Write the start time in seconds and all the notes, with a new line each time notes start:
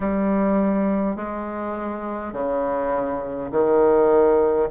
0.00 G3
1.16 G#3
2.33 C#3
3.51 D#3